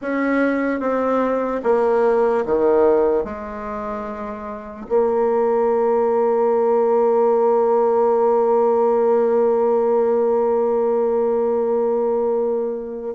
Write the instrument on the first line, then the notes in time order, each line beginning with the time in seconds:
bassoon
0.01 C#4
0.80 C4
1.63 A#3
2.45 D#3
3.24 G#3
4.88 A#3